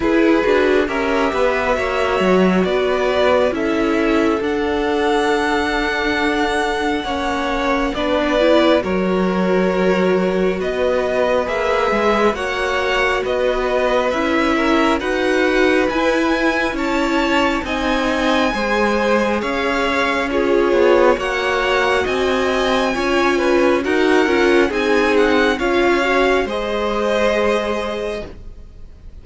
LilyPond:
<<
  \new Staff \with { instrumentName = "violin" } { \time 4/4 \tempo 4 = 68 b'4 e''2 d''4 | e''4 fis''2.~ | fis''4 d''4 cis''2 | dis''4 e''4 fis''4 dis''4 |
e''4 fis''4 gis''4 a''4 | gis''2 f''4 cis''4 | fis''4 gis''2 fis''4 | gis''8 fis''8 f''4 dis''2 | }
  \new Staff \with { instrumentName = "violin" } { \time 4/4 gis'4 ais'8 b'8 cis''4 b'4 | a'1 | cis''4 b'4 ais'2 | b'2 cis''4 b'4~ |
b'8 ais'8 b'2 cis''4 | dis''4 c''4 cis''4 gis'4 | cis''4 dis''4 cis''8 b'8 ais'4 | gis'4 cis''4 c''2 | }
  \new Staff \with { instrumentName = "viola" } { \time 4/4 e'8 fis'8 g'4 fis'2 | e'4 d'2. | cis'4 d'8 e'8 fis'2~ | fis'4 gis'4 fis'2 |
e'4 fis'4 e'2 | dis'4 gis'2 f'4 | fis'2 f'4 fis'8 f'8 | dis'4 f'8 fis'8 gis'2 | }
  \new Staff \with { instrumentName = "cello" } { \time 4/4 e'8 d'8 cis'8 b8 ais8 fis8 b4 | cis'4 d'2. | ais4 b4 fis2 | b4 ais8 gis8 ais4 b4 |
cis'4 dis'4 e'4 cis'4 | c'4 gis4 cis'4. b8 | ais4 c'4 cis'4 dis'8 cis'8 | c'4 cis'4 gis2 | }
>>